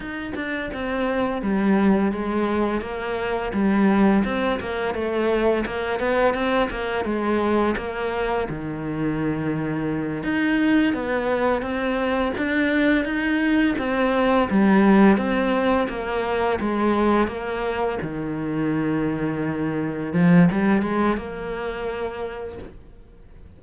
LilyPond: \new Staff \with { instrumentName = "cello" } { \time 4/4 \tempo 4 = 85 dis'8 d'8 c'4 g4 gis4 | ais4 g4 c'8 ais8 a4 | ais8 b8 c'8 ais8 gis4 ais4 | dis2~ dis8 dis'4 b8~ |
b8 c'4 d'4 dis'4 c'8~ | c'8 g4 c'4 ais4 gis8~ | gis8 ais4 dis2~ dis8~ | dis8 f8 g8 gis8 ais2 | }